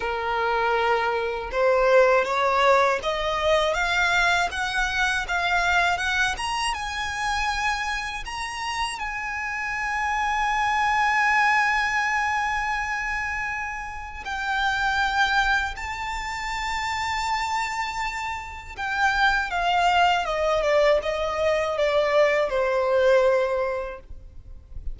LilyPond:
\new Staff \with { instrumentName = "violin" } { \time 4/4 \tempo 4 = 80 ais'2 c''4 cis''4 | dis''4 f''4 fis''4 f''4 | fis''8 ais''8 gis''2 ais''4 | gis''1~ |
gis''2. g''4~ | g''4 a''2.~ | a''4 g''4 f''4 dis''8 d''8 | dis''4 d''4 c''2 | }